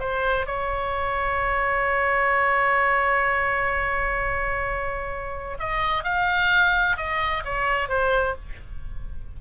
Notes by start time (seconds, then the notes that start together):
0.00 C5
0.47 C#5
5.59 D#5
6.04 F5
6.97 D#5
7.45 C#5
7.89 C5